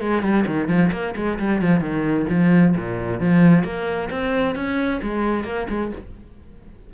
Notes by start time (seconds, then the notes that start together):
0.00 G#3
0.22 G3
0.46 D#3
0.68 F3
0.92 A#3
1.15 G#3
1.39 G3
1.61 F3
1.80 D#3
2.30 F3
2.76 A#2
3.20 F3
3.64 A#3
4.10 C4
4.55 C#4
5.02 G#3
5.44 A#3
5.69 G#3